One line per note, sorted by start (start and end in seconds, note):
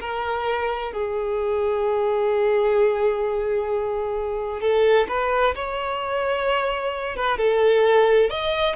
0.00 0.92 A#4
0.92 4.61 G#4
4.61 5.07 A4
5.08 5.54 B4
5.55 7.16 C#5
7.16 7.37 B4
7.37 8.30 A4
8.30 8.76 D#5